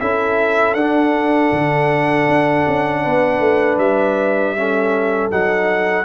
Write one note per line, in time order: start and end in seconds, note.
0.00 0.75 C#4
0.00 0.77 E4
0.00 3.03 A4
0.00 0.75 E5
0.75 1.51 D4
0.75 4.57 D4
0.75 3.78 F#5
1.52 2.28 D3
2.28 2.66 D4
2.68 3.06 C#4
3.03 3.40 B3
3.03 4.55 B4
3.40 3.78 A3
3.78 5.30 G3
3.78 5.31 E5
4.57 5.31 C#4
4.57 6.05 A4
5.31 6.05 F#3
5.31 6.05 D#4
5.31 6.05 F#5